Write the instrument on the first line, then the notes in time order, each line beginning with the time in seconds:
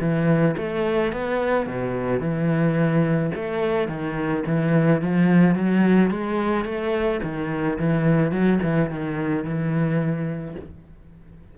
cello
0.00 E3
0.57 A3
1.12 B3
1.66 B2
2.20 E3
3.35 A3
3.88 D#3
4.46 E3
5.02 F3
5.55 F#3
6.10 G#3
6.65 A3
7.23 D#3
7.79 E3
8.31 F#3
8.63 E3
8.90 D#3
9.44 E3